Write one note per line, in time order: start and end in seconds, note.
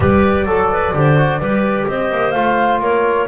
0.00 0.45 G3
0.00 0.46 G4
0.00 0.46 B4
0.00 1.86 D5
0.45 0.92 F#3
0.45 0.93 A4
0.45 0.70 A4
0.71 0.95 B4
0.93 1.39 D3
0.93 1.17 G4
0.93 1.40 C5
1.17 1.40 F#4
1.39 1.86 G3
1.39 2.34 G4
1.39 1.87 B4
1.87 2.10 C4
1.87 2.81 C5
1.87 2.31 D#5
2.11 2.33 A#3
2.31 2.79 A3
2.31 3.27 F4
2.31 2.78 F5
2.79 3.26 A#3
2.79 3.27 A#4
2.79 3.27 C#5